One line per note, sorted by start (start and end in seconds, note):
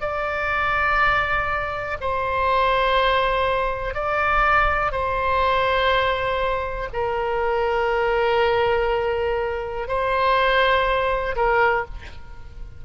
0.00 1.97 D5
2.00 3.93 C5
3.93 4.91 D5
4.91 6.88 C5
6.93 9.88 A#4
9.88 11.35 C5
11.36 11.85 A#4